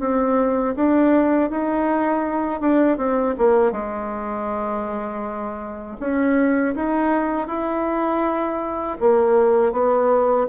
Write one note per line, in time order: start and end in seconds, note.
0.00 0.75 C4
0.76 1.51 D4
1.51 2.61 D#4
2.61 2.98 D4
2.98 3.35 C4
3.38 3.72 A#3
3.72 5.97 G#3
6.00 6.75 C#4
6.75 7.48 D#4
7.48 8.98 E4
9.01 9.72 A#3
9.72 10.47 B3